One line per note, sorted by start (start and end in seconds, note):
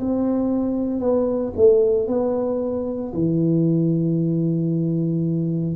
0.00 1.00 C4
1.00 1.53 B3
1.56 2.08 A3
2.08 3.13 B3
3.14 5.77 E3